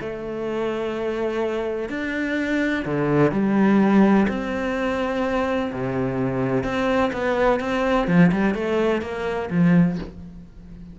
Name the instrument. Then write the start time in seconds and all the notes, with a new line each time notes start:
cello
0.00 A3
1.89 D4
2.85 D3
3.31 G3
4.28 C4
5.72 C3
6.63 C4
7.12 B3
7.60 C4
8.07 F3
8.31 G3
8.54 A3
9.01 A#3
9.50 F3